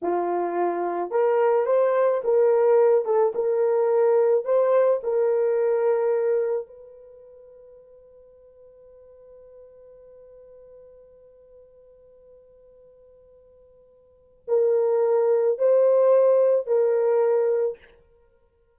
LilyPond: \new Staff \with { instrumentName = "horn" } { \time 4/4 \tempo 4 = 108 f'2 ais'4 c''4 | ais'4. a'8 ais'2 | c''4 ais'2. | b'1~ |
b'1~ | b'1~ | b'2 ais'2 | c''2 ais'2 | }